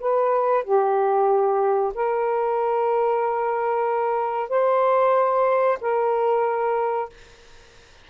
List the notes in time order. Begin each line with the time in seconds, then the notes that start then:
0.00 B4
0.64 G4
1.94 A#4
4.49 C5
5.81 A#4